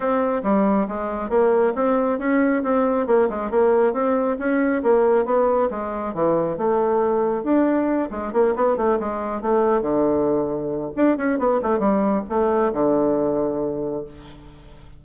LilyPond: \new Staff \with { instrumentName = "bassoon" } { \time 4/4 \tempo 4 = 137 c'4 g4 gis4 ais4 | c'4 cis'4 c'4 ais8 gis8 | ais4 c'4 cis'4 ais4 | b4 gis4 e4 a4~ |
a4 d'4. gis8 ais8 b8 | a8 gis4 a4 d4.~ | d4 d'8 cis'8 b8 a8 g4 | a4 d2. | }